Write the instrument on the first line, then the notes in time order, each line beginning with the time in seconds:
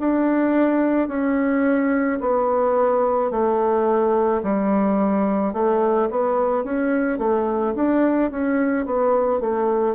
bassoon
0.00 D4
1.09 C#4
2.21 B3
3.31 A3
4.43 G3
5.53 A3
6.11 B3
6.64 C#4
7.19 A3
7.75 D4
8.31 C#4
8.86 B3
9.40 A3